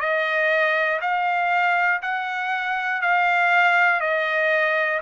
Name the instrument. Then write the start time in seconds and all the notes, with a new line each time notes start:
trumpet
0.00 D#5
1.00 F5
2.01 F#5
3.01 F5
4.00 D#5